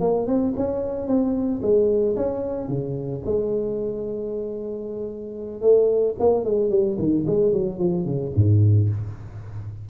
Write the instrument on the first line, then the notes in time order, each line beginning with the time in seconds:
tuba
0.00 A#3
0.27 C4
0.56 C#4
1.07 C4
1.62 G#3
2.16 C#4
2.68 C#3
3.25 G#3
5.61 A3
6.19 A#3
6.44 G#3
6.70 G3
6.98 D#3
7.26 G#3
7.52 F#3
7.78 F3
8.05 C#3
8.35 G#2